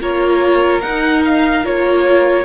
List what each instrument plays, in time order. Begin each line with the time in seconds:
0.00 cello A#3, viola F4, violin A#4 C#5
0.81 cello D#4, viola D#4, violin F#5
1.25 violin F5
1.63 cello A#3, viola F4, violin C#5